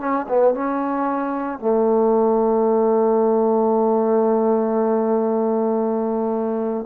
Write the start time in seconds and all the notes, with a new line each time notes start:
0.00 C#4
0.29 B3
0.55 C#4
1.59 A3